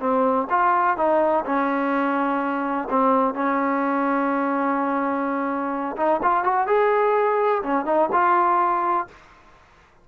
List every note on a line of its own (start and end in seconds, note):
0.00 0.48 C4
0.50 0.97 F4
0.97 1.45 D#4
1.45 2.88 C#4
2.90 3.34 C4
3.34 5.96 C#4
5.97 6.21 D#4
6.23 6.44 F4
6.44 6.67 F#4
6.67 7.62 G#4
7.63 7.86 C#4
7.86 8.10 D#4
8.12 9.07 F4